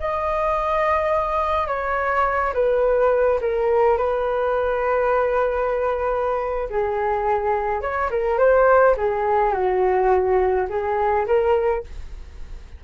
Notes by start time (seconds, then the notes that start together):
0.00 D#5
1.68 C#5
2.54 B4
3.42 A#4
3.98 B4
6.70 G#4
7.82 C#5
8.11 A#4
8.39 C5
8.97 G#4
9.54 F#4
10.70 G#4
11.27 A#4